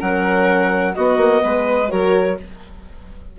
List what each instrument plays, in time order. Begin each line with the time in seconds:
0.00 bassoon F#3, horn C#4, violin A#4, clarinet F#5
0.95 bassoon B3, horn B3, violin F#4, clarinet D#5
1.17 bassoon A#3
1.44 bassoon G#3, violin B4
1.89 bassoon F#3, horn F#4, violin A#4, clarinet C#5